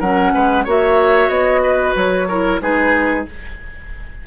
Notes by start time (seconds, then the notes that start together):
0.00 F#3 C#4 A#4 F#5
0.35 G#3 B4
0.65 A#3 F#4 C#5 E5
1.29 B3 D#5
1.63 B4
1.96 F#3 C#5
2.29 E4 A#4
2.61 G#3 D#4 G#4 B4